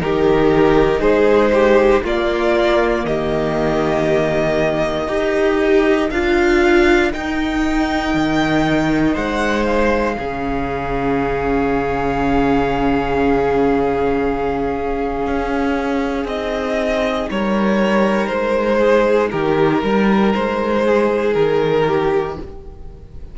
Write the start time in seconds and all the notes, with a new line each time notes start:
0.00 D#3 D#4 G4 A#4
1.00 G#3 G#4 C5
1.53 G4
2.03 A#3 F4 D5
3.05 D#3 G4 D#5
5.08 D#4 G4 A#4
6.10 D4 F4 F5
7.12 D#4 G5
8.14 D#3
9.14 G#3 C5 F#5
9.66 F5
10.18 C#3 C#4 G#4
15.27 C#4
16.25 C4 D#4 D#5
17.30 G3 A#4 C#5
18.27 G#3 C5
18.79 G#4
19.31 D#3 G4 A#4
19.83 G3 A#4
20.34 G#3 C5
20.85 G#4
21.33 D#3 A#4
21.87 G4